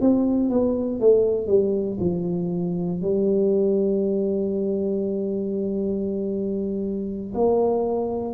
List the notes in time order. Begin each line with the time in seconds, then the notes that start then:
0.00 C4
0.49 B3
0.99 A3
1.47 G3
2.00 F3
3.01 G3
7.34 A#3